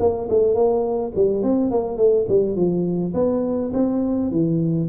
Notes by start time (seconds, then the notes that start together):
0.00 A#3
0.30 A3
0.55 A#3
1.16 G3
1.43 C4
1.71 A#3
1.98 A3
2.29 G3
2.56 F3
3.14 B3
3.74 C4
4.31 E3